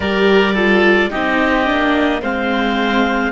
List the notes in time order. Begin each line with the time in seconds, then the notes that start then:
0.00 G3 G4 A#4 D5
0.54 F4 A4
1.10 C4 D#4 G4 D#5
1.65 A#3 D4
2.21 G#3 C4 C5 F5